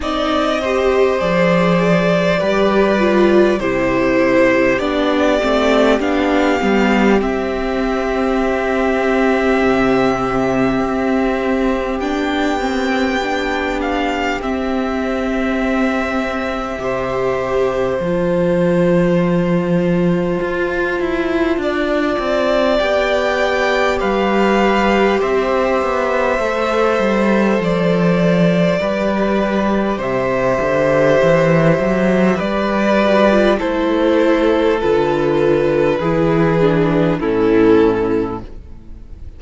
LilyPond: <<
  \new Staff \with { instrumentName = "violin" } { \time 4/4 \tempo 4 = 50 dis''4 d''2 c''4 | d''4 f''4 e''2~ | e''2 g''4. f''8 | e''2. a''4~ |
a''2. g''4 | f''4 e''2 d''4~ | d''4 e''2 d''4 | c''4 b'2 a'4 | }
  \new Staff \with { instrumentName = "violin" } { \time 4/4 d''8 c''4. b'4 g'4~ | g'1~ | g'1~ | g'2 c''2~ |
c''2 d''2 | b'4 c''2. | b'4 c''2 b'4 | a'2 gis'4 e'4 | }
  \new Staff \with { instrumentName = "viola" } { \time 4/4 dis'8 g'8 gis'4 g'8 f'8 e'4 | d'8 c'8 d'8 b8 c'2~ | c'2 d'8 c'8 d'4 | c'2 g'4 f'4~ |
f'2. g'4~ | g'2 a'2 | g'2.~ g'8 fis'16 f'16 | e'4 f'4 e'8 d'8 cis'4 | }
  \new Staff \with { instrumentName = "cello" } { \time 4/4 c'4 f4 g4 c4 | b8 a8 b8 g8 c'2 | c4 c'4 b2 | c'2 c4 f4~ |
f4 f'8 e'8 d'8 c'8 b4 | g4 c'8 b8 a8 g8 f4 | g4 c8 d8 e8 fis8 g4 | a4 d4 e4 a,4 | }
>>